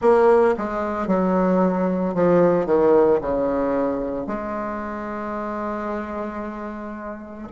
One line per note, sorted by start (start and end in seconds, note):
0.01 0.55 A#3
0.57 1.07 G#3
1.07 2.14 F#3
2.14 2.65 F3
2.65 3.19 D#3
3.21 4.27 C#3
4.27 7.48 G#3